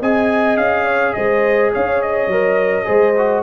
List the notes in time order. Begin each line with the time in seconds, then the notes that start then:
0.00 C4 G#4 D#5 G#5
0.57 C#4 F5
0.85 C#5
1.14 G#3 C5 D#5
1.73 C#4 C#5 F5
2.02 D#5
2.27 F#3 A#4
2.85 G#3 G#4 C5
3.18 F#4